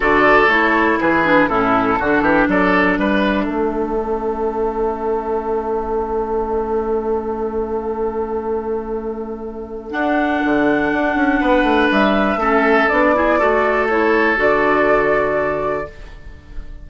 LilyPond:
<<
  \new Staff \with { instrumentName = "flute" } { \time 4/4 \tempo 4 = 121 d''4 cis''4 b'4 a'4~ | a'4 d''4 e''2~ | e''1~ | e''1~ |
e''1 | fis''1 | e''2 d''2 | cis''4 d''2. | }
  \new Staff \with { instrumentName = "oboe" } { \time 4/4 a'2 gis'4 e'4 | fis'8 g'8 a'4 b'4 a'4~ | a'1~ | a'1~ |
a'1~ | a'2. b'4~ | b'4 a'4. gis'8 a'4~ | a'1 | }
  \new Staff \with { instrumentName = "clarinet" } { \time 4/4 fis'4 e'4. d'8 cis'4 | d'1 | cis'1~ | cis'1~ |
cis'1 | d'1~ | d'4 cis'4 d'8 e'8 fis'4 | e'4 fis'2. | }
  \new Staff \with { instrumentName = "bassoon" } { \time 4/4 d4 a4 e4 a,4 | d8 e8 fis4 g4 a4~ | a1~ | a1~ |
a1 | d'4 d4 d'8 cis'8 b8 a8 | g4 a4 b4 a4~ | a4 d2. | }
>>